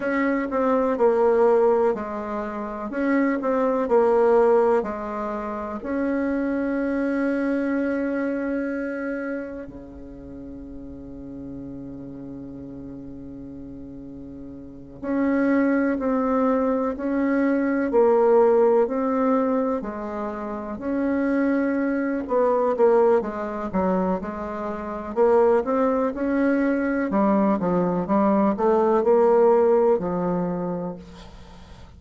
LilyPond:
\new Staff \with { instrumentName = "bassoon" } { \time 4/4 \tempo 4 = 62 cis'8 c'8 ais4 gis4 cis'8 c'8 | ais4 gis4 cis'2~ | cis'2 cis2~ | cis2.~ cis8 cis'8~ |
cis'8 c'4 cis'4 ais4 c'8~ | c'8 gis4 cis'4. b8 ais8 | gis8 fis8 gis4 ais8 c'8 cis'4 | g8 f8 g8 a8 ais4 f4 | }